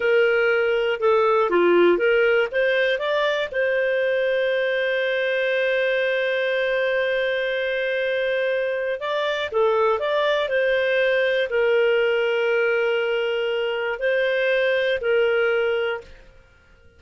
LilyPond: \new Staff \with { instrumentName = "clarinet" } { \time 4/4 \tempo 4 = 120 ais'2 a'4 f'4 | ais'4 c''4 d''4 c''4~ | c''1~ | c''1~ |
c''2 d''4 a'4 | d''4 c''2 ais'4~ | ais'1 | c''2 ais'2 | }